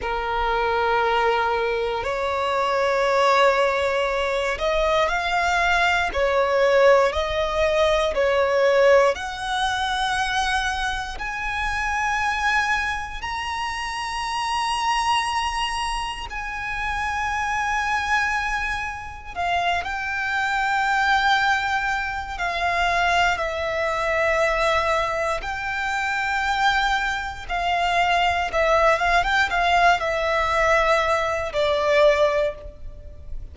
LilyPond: \new Staff \with { instrumentName = "violin" } { \time 4/4 \tempo 4 = 59 ais'2 cis''2~ | cis''8 dis''8 f''4 cis''4 dis''4 | cis''4 fis''2 gis''4~ | gis''4 ais''2. |
gis''2. f''8 g''8~ | g''2 f''4 e''4~ | e''4 g''2 f''4 | e''8 f''16 g''16 f''8 e''4. d''4 | }